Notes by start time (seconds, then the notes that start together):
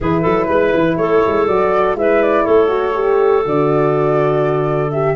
0.00 E3 E4 G#4 B4
0.21 F#3 A4
0.47 G#3 B4
0.73 E3
0.97 A3 A4 C#5
1.26 G#3
1.47 F#3 F#4 D5
1.95 G#3 E4 B4 E5
2.22 D5
2.44 A3 A4 C#5
2.68 F#4
2.94 G4
3.44 D3 F#4 D5
4.91 G4 E5